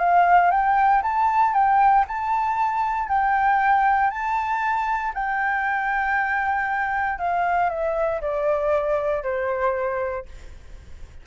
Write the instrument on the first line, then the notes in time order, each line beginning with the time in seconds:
flute
0.00 F5
0.51 G5
1.03 A5
1.54 G5
2.08 A5
3.09 G5
4.11 A5
5.14 G5
7.19 F5
7.70 E5
8.22 D5
9.24 C5